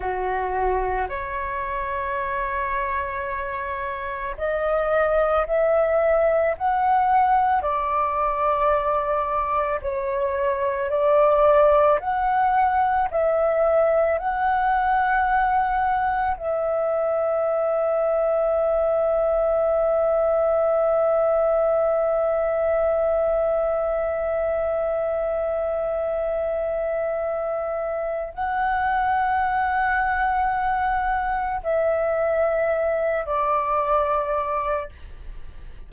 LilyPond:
\new Staff \with { instrumentName = "flute" } { \time 4/4 \tempo 4 = 55 fis'4 cis''2. | dis''4 e''4 fis''4 d''4~ | d''4 cis''4 d''4 fis''4 | e''4 fis''2 e''4~ |
e''1~ | e''1~ | e''2 fis''2~ | fis''4 e''4. d''4. | }